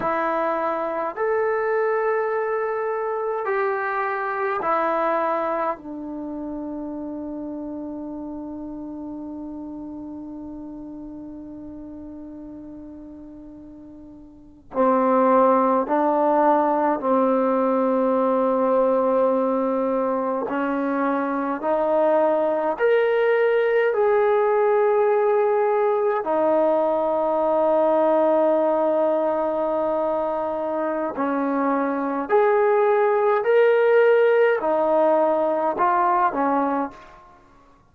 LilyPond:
\new Staff \with { instrumentName = "trombone" } { \time 4/4 \tempo 4 = 52 e'4 a'2 g'4 | e'4 d'2.~ | d'1~ | d'8. c'4 d'4 c'4~ c'16~ |
c'4.~ c'16 cis'4 dis'4 ais'16~ | ais'8. gis'2 dis'4~ dis'16~ | dis'2. cis'4 | gis'4 ais'4 dis'4 f'8 cis'8 | }